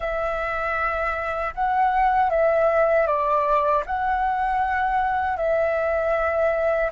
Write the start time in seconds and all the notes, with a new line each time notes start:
0.00 E5
1.54 F#5
2.29 E5
3.06 D5
3.86 F#5
5.37 E5